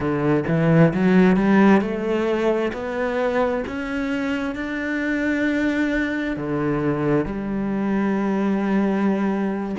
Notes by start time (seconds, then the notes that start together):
0.00 D3
0.47 E3
0.93 F#3
1.36 G3
1.81 A3
2.73 B3
3.66 C#4
4.55 D4
6.36 D3
7.25 G3